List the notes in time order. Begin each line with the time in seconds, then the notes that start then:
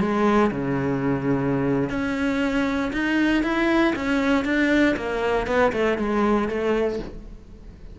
0.00 G#3
0.51 C#3
1.90 C#4
2.93 D#4
3.43 E4
3.96 C#4
4.45 D4
4.96 A#3
5.47 B3
5.72 A3
5.98 G#3
6.49 A3